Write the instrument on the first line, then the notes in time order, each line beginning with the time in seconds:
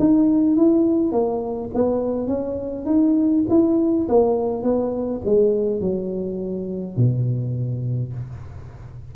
tuba
0.00 D#4
0.57 E4
1.12 A#3
1.74 B3
2.28 C#4
2.86 D#4
3.50 E4
4.09 A#3
4.64 B3
5.26 G#3
5.81 F#3
6.97 B2